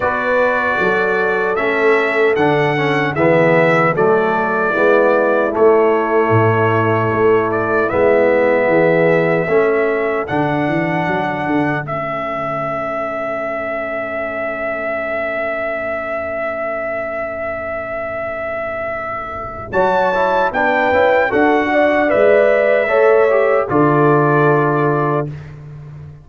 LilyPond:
<<
  \new Staff \with { instrumentName = "trumpet" } { \time 4/4 \tempo 4 = 76 d''2 e''4 fis''4 | e''4 d''2 cis''4~ | cis''4. d''8 e''2~ | e''4 fis''2 e''4~ |
e''1~ | e''1~ | e''4 a''4 g''4 fis''4 | e''2 d''2 | }
  \new Staff \with { instrumentName = "horn" } { \time 4/4 b'4 a'2. | gis'4 a'4 e'2~ | e'2. gis'4 | a'1~ |
a'1~ | a'1~ | a'4 cis''4 b'4 a'8 d''8~ | d''4 cis''4 a'2 | }
  \new Staff \with { instrumentName = "trombone" } { \time 4/4 fis'2 cis'4 d'8 cis'8 | b4 a4 b4 a4~ | a2 b2 | cis'4 d'2 cis'4~ |
cis'1~ | cis'1~ | cis'4 fis'8 e'8 d'8 e'8 fis'4 | b'4 a'8 g'8 f'2 | }
  \new Staff \with { instrumentName = "tuba" } { \time 4/4 b4 fis4 a4 d4 | e4 fis4 gis4 a4 | a,4 a4 gis4 e4 | a4 d8 e8 fis8 d8 a4~ |
a1~ | a1~ | a4 fis4 b8 cis'8 d'4 | gis4 a4 d2 | }
>>